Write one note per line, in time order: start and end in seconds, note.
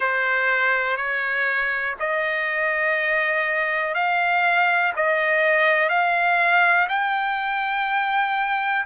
0.00 0.96 C5
0.96 1.94 C#5
1.99 3.94 D#5
3.94 4.92 F5
4.95 5.89 D#5
5.89 6.87 F5
6.89 8.85 G5